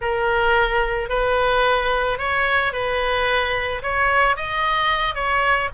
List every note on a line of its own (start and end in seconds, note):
0.01 1.09 A#4
1.09 2.18 B4
2.18 2.72 C#5
2.72 3.82 B4
3.82 4.36 C#5
4.36 5.14 D#5
5.14 5.69 C#5